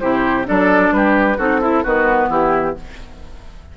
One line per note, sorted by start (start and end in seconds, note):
0.00 0.49 C3
0.00 0.45 E4
0.00 0.47 G4
0.00 0.46 C5
0.45 0.92 F#3
0.45 1.37 D4
0.45 0.94 A4
0.45 0.93 D5
0.92 1.38 G3
0.92 1.38 G4
0.92 1.39 B4
1.38 1.85 C4
1.38 1.62 D#4
1.38 1.61 F#4
1.38 1.85 A4
1.62 1.84 E4
1.62 1.85 E4
1.84 2.29 D#3
1.84 2.77 B3
1.84 2.30 F#4
1.84 2.31 B4
2.29 2.75 E3
2.29 2.76 E4
2.29 2.78 G4